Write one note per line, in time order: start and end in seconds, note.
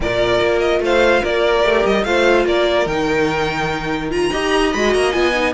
0.00 0.40 A#2
0.00 1.63 F4
0.00 0.83 A#4
0.00 0.59 D5
0.40 0.79 A#3
0.59 0.80 D#5
0.79 1.20 A3
0.79 1.21 C5
0.79 1.24 F5
1.21 1.64 A#3
1.21 2.04 A#4
1.21 1.86 D5
1.63 1.84 A3
1.63 2.04 G4
1.85 2.05 G3
1.85 2.04 D#5
2.04 2.45 A3
2.04 2.87 F4
2.04 2.46 C5
2.04 2.45 F5
2.45 2.86 A#3
2.45 4.30 A#4
2.45 2.87 D5
2.86 4.29 D#3
2.86 4.10 D#4
2.86 4.10 G5
4.10 4.31 F4
4.10 4.72 A#5
4.30 4.74 D#4
4.30 4.73 G4
4.30 5.53 D#5
4.72 4.94 G#3
4.72 5.12 F#4
4.72 4.93 B5
4.93 5.14 A#3
4.93 5.12 A#5
5.12 5.53 B3
5.12 5.33 F4
5.12 5.53 G#5
5.34 5.53 D#4